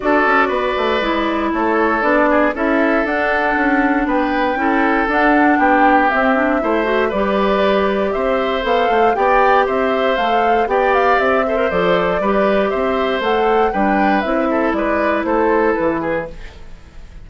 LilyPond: <<
  \new Staff \with { instrumentName = "flute" } { \time 4/4 \tempo 4 = 118 d''2. cis''4 | d''4 e''4 fis''2 | g''2 fis''4 g''4 | e''2 d''2 |
e''4 f''4 g''4 e''4 | f''4 g''8 f''8 e''4 d''4~ | d''4 e''4 fis''4 g''4 | e''4 d''4 c''4 b'4 | }
  \new Staff \with { instrumentName = "oboe" } { \time 4/4 a'4 b'2 a'4~ | a'8 gis'8 a'2. | b'4 a'2 g'4~ | g'4 c''4 b'2 |
c''2 d''4 c''4~ | c''4 d''4. c''4. | b'4 c''2 b'4~ | b'8 a'8 b'4 a'4. gis'8 | }
  \new Staff \with { instrumentName = "clarinet" } { \time 4/4 fis'2 e'2 | d'4 e'4 d'2~ | d'4 e'4 d'2 | c'8 d'8 e'8 fis'8 g'2~ |
g'4 a'4 g'2 | a'4 g'4. a'16 ais'16 a'4 | g'2 a'4 d'4 | e'1 | }
  \new Staff \with { instrumentName = "bassoon" } { \time 4/4 d'8 cis'8 b8 a8 gis4 a4 | b4 cis'4 d'4 cis'4 | b4 cis'4 d'4 b4 | c'4 a4 g2 |
c'4 b8 a8 b4 c'4 | a4 b4 c'4 f4 | g4 c'4 a4 g4 | c'4 gis4 a4 e4 | }
>>